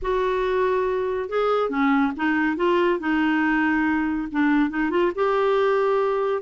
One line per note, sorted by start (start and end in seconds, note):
0.01 1.29 F#4
1.29 1.69 G#4
1.69 2.12 C#4
2.16 2.56 D#4
2.56 2.99 F4
2.99 4.28 D#4
4.31 4.69 D4
4.69 4.90 D#4
4.90 5.11 F4
5.15 6.42 G4